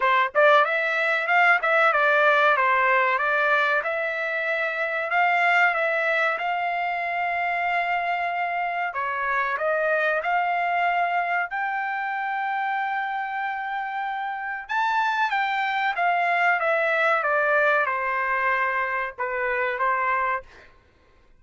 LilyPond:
\new Staff \with { instrumentName = "trumpet" } { \time 4/4 \tempo 4 = 94 c''8 d''8 e''4 f''8 e''8 d''4 | c''4 d''4 e''2 | f''4 e''4 f''2~ | f''2 cis''4 dis''4 |
f''2 g''2~ | g''2. a''4 | g''4 f''4 e''4 d''4 | c''2 b'4 c''4 | }